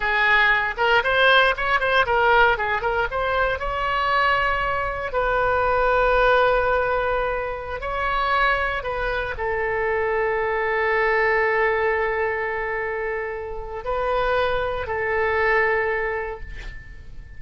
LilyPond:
\new Staff \with { instrumentName = "oboe" } { \time 4/4 \tempo 4 = 117 gis'4. ais'8 c''4 cis''8 c''8 | ais'4 gis'8 ais'8 c''4 cis''4~ | cis''2 b'2~ | b'2.~ b'16 cis''8.~ |
cis''4~ cis''16 b'4 a'4.~ a'16~ | a'1~ | a'2. b'4~ | b'4 a'2. | }